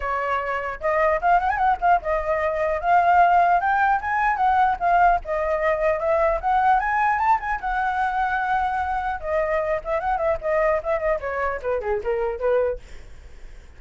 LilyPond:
\new Staff \with { instrumentName = "flute" } { \time 4/4 \tempo 4 = 150 cis''2 dis''4 f''8 fis''16 gis''16 | fis''8 f''8 dis''2 f''4~ | f''4 g''4 gis''4 fis''4 | f''4 dis''2 e''4 |
fis''4 gis''4 a''8 gis''8 fis''4~ | fis''2. dis''4~ | dis''8 e''8 fis''8 e''8 dis''4 e''8 dis''8 | cis''4 b'8 gis'8 ais'4 b'4 | }